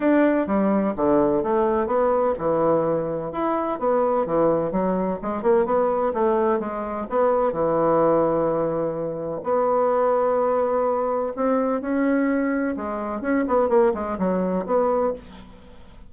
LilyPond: \new Staff \with { instrumentName = "bassoon" } { \time 4/4 \tempo 4 = 127 d'4 g4 d4 a4 | b4 e2 e'4 | b4 e4 fis4 gis8 ais8 | b4 a4 gis4 b4 |
e1 | b1 | c'4 cis'2 gis4 | cis'8 b8 ais8 gis8 fis4 b4 | }